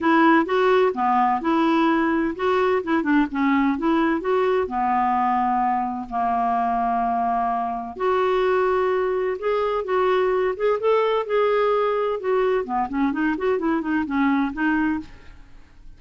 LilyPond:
\new Staff \with { instrumentName = "clarinet" } { \time 4/4 \tempo 4 = 128 e'4 fis'4 b4 e'4~ | e'4 fis'4 e'8 d'8 cis'4 | e'4 fis'4 b2~ | b4 ais2.~ |
ais4 fis'2. | gis'4 fis'4. gis'8 a'4 | gis'2 fis'4 b8 cis'8 | dis'8 fis'8 e'8 dis'8 cis'4 dis'4 | }